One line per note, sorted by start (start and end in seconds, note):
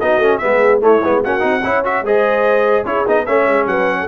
0.00 0.18 B3
0.00 0.22 D#4
0.00 0.41 F#4
0.00 0.38 D#5
0.18 0.38 A3
0.18 0.41 C#4
0.38 0.80 G#3
0.38 0.81 B3
0.38 0.79 E5
0.45 0.82 G#4
0.80 1.01 A3
0.80 1.22 E4
0.80 1.24 C#5
1.04 1.25 G#3
1.04 1.24 B3
1.22 1.44 A#3
1.22 1.40 C#4
1.22 1.63 F#4
1.22 1.85 F#5
1.40 1.64 C4
1.40 1.60 D#4
1.64 2.02 C#4
1.64 1.85 E4
1.64 2.05 C#5
1.85 2.05 F#4
1.85 2.05 E5
2.02 2.84 G#3
2.02 2.85 G#4
2.02 2.86 C5
2.02 2.86 D#5
2.85 3.05 C#4
2.85 3.06 E4
2.85 3.26 G#4
2.85 3.06 C#5
3.06 3.28 B3
3.06 3.27 D#4
3.06 3.26 D#5
3.26 3.47 A3
3.26 4.08 C#4
3.26 3.66 C#5
3.26 3.67 E5
3.47 3.66 G#3
3.66 4.07 F#3
3.66 3.99 B4
3.66 4.08 F#5
4.00 4.08 A4